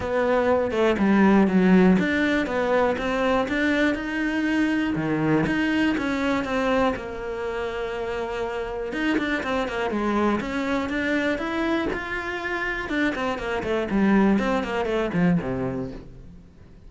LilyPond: \new Staff \with { instrumentName = "cello" } { \time 4/4 \tempo 4 = 121 b4. a8 g4 fis4 | d'4 b4 c'4 d'4 | dis'2 dis4 dis'4 | cis'4 c'4 ais2~ |
ais2 dis'8 d'8 c'8 ais8 | gis4 cis'4 d'4 e'4 | f'2 d'8 c'8 ais8 a8 | g4 c'8 ais8 a8 f8 c4 | }